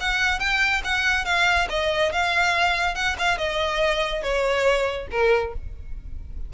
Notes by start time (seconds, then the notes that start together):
0.00 F#5
0.39 G5
0.84 F#5
1.25 F5
1.69 D#5
2.12 F5
2.95 F#5
3.18 F5
3.38 D#5
4.22 C#5
5.11 A#4